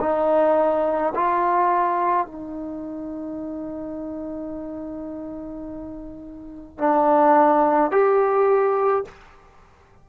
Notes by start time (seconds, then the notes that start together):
0.00 D#4
1.15 F4
2.26 D#4
6.78 D4
7.91 G4